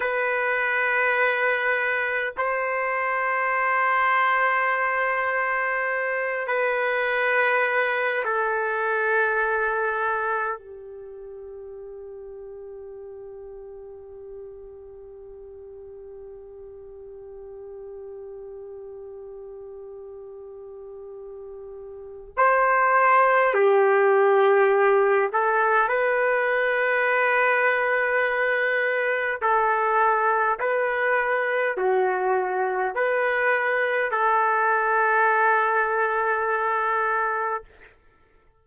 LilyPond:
\new Staff \with { instrumentName = "trumpet" } { \time 4/4 \tempo 4 = 51 b'2 c''2~ | c''4. b'4. a'4~ | a'4 g'2.~ | g'1~ |
g'2. c''4 | g'4. a'8 b'2~ | b'4 a'4 b'4 fis'4 | b'4 a'2. | }